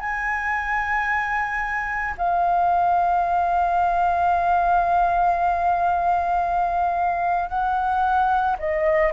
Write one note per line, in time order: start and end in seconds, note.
0.00 2.14 G#5
2.18 7.50 F5
7.50 8.57 F#5
8.59 9.13 D#5